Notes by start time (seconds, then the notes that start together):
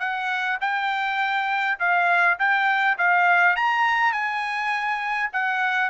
0.00 F#5
0.61 G5
1.80 F5
2.39 G5
2.98 F5
3.56 A#5
4.13 G#5
5.33 F#5